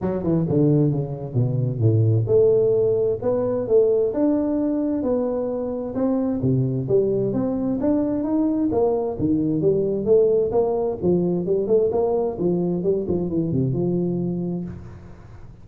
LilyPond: \new Staff \with { instrumentName = "tuba" } { \time 4/4 \tempo 4 = 131 fis8 e8 d4 cis4 b,4 | a,4 a2 b4 | a4 d'2 b4~ | b4 c'4 c4 g4 |
c'4 d'4 dis'4 ais4 | dis4 g4 a4 ais4 | f4 g8 a8 ais4 f4 | g8 f8 e8 c8 f2 | }